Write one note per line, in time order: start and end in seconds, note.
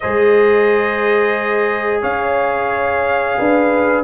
0.00 2.02 G#3
0.00 4.03 G#4
0.00 2.01 C5
0.00 2.00 D#5
2.01 3.37 C#4
2.01 3.36 C#5
2.01 4.03 F5
3.37 4.03 D4
3.37 4.03 B4